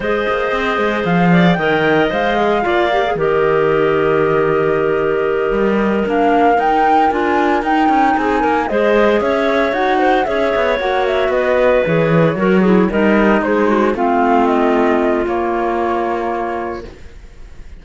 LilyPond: <<
  \new Staff \with { instrumentName = "flute" } { \time 4/4 \tempo 4 = 114 dis''2 f''4 g''4 | f''2 dis''2~ | dis''2.~ dis''8 f''8~ | f''8 g''4 gis''4 g''4 gis''8~ |
gis''8 dis''4 e''4 fis''4 e''8~ | e''8 fis''8 e''8 dis''4 cis''4.~ | cis''8 dis''4 c''4 f''4 dis''8~ | dis''4 cis''2. | }
  \new Staff \with { instrumentName = "clarinet" } { \time 4/4 c''2~ c''8 d''8 dis''4~ | dis''4 d''4 ais'2~ | ais'1~ | ais'2.~ ais'8 gis'8 |
ais'8 c''4 cis''4. c''8 cis''8~ | cis''4. b'2 ais'8 | gis'8 ais'4 gis'8 fis'8 f'4.~ | f'1 | }
  \new Staff \with { instrumentName = "clarinet" } { \time 4/4 gis'2. ais'4 | c''8 gis'8 f'8 g'16 gis'16 g'2~ | g'2.~ g'8 d'8~ | d'8 dis'4 f'4 dis'4.~ |
dis'8 gis'2 fis'4 gis'8~ | gis'8 fis'2 gis'4 fis'8 | e'8 dis'2 c'4.~ | c'4 ais2. | }
  \new Staff \with { instrumentName = "cello" } { \time 4/4 gis8 ais8 c'8 gis8 f4 dis4 | gis4 ais4 dis2~ | dis2~ dis8 g4 ais8~ | ais8 dis'4 d'4 dis'8 cis'8 c'8 |
ais8 gis4 cis'4 dis'4 cis'8 | b8 ais4 b4 e4 fis8~ | fis8 g4 gis4 a4.~ | a4 ais2. | }
>>